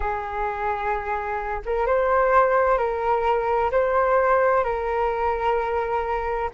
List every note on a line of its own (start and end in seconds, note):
0.00 1.61 G#4
1.65 1.86 A#4
1.86 2.77 C5
2.77 3.70 A#4
3.71 4.64 C5
4.64 6.50 A#4